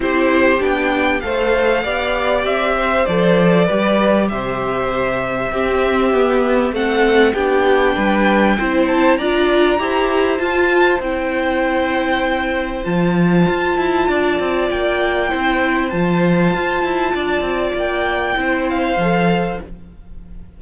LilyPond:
<<
  \new Staff \with { instrumentName = "violin" } { \time 4/4 \tempo 4 = 98 c''4 g''4 f''2 | e''4 d''2 e''4~ | e''2. fis''4 | g''2~ g''8 a''8 ais''4~ |
ais''4 a''4 g''2~ | g''4 a''2. | g''2 a''2~ | a''4 g''4. f''4. | }
  \new Staff \with { instrumentName = "violin" } { \time 4/4 g'2 c''4 d''4~ | d''8 c''4. b'4 c''4~ | c''4 g'2 a'4 | g'4 b'4 c''4 d''4 |
c''1~ | c''2. d''4~ | d''4 c''2. | d''2 c''2 | }
  \new Staff \with { instrumentName = "viola" } { \time 4/4 e'4 d'4 a'4 g'4~ | g'4 a'4 g'2~ | g'4 c'4 b4 c'4 | d'2 e'4 f'4 |
g'4 f'4 e'2~ | e'4 f'2.~ | f'4 e'4 f'2~ | f'2 e'4 a'4 | }
  \new Staff \with { instrumentName = "cello" } { \time 4/4 c'4 b4 a4 b4 | c'4 f4 g4 c4~ | c4 c'4 b4 a4 | b4 g4 c'4 d'4 |
e'4 f'4 c'2~ | c'4 f4 f'8 e'8 d'8 c'8 | ais4 c'4 f4 f'8 e'8 | d'8 c'8 ais4 c'4 f4 | }
>>